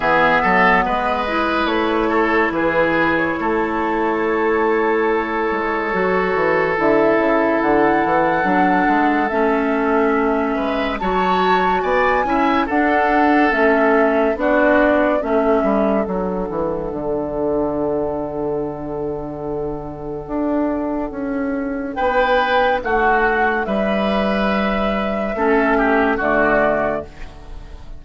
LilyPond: <<
  \new Staff \with { instrumentName = "flute" } { \time 4/4 \tempo 4 = 71 e''4 dis''4 cis''4 b'8. cis''16~ | cis''1 | e''4 fis''2 e''4~ | e''4 a''4 gis''4 fis''4 |
e''4 d''4 e''4 fis''4~ | fis''1~ | fis''2 g''4 fis''4 | e''2. d''4 | }
  \new Staff \with { instrumentName = "oboe" } { \time 4/4 gis'8 a'8 b'4. a'8 gis'4 | a'1~ | a'1~ | a'8 b'8 cis''4 d''8 e''8 a'4~ |
a'4 fis'4 a'2~ | a'1~ | a'2 b'4 fis'4 | b'2 a'8 g'8 fis'4 | }
  \new Staff \with { instrumentName = "clarinet" } { \time 4/4 b4. e'2~ e'8~ | e'2. fis'4 | e'2 d'4 cis'4~ | cis'4 fis'4. e'8 d'4 |
cis'4 d'4 cis'4 d'4~ | d'1~ | d'1~ | d'2 cis'4 a4 | }
  \new Staff \with { instrumentName = "bassoon" } { \time 4/4 e8 fis8 gis4 a4 e4 | a2~ a8 gis8 fis8 e8 | d8 cis8 d8 e8 fis8 gis8 a4~ | a8 gis8 fis4 b8 cis'8 d'4 |
a4 b4 a8 g8 fis8 e8 | d1 | d'4 cis'4 b4 a4 | g2 a4 d4 | }
>>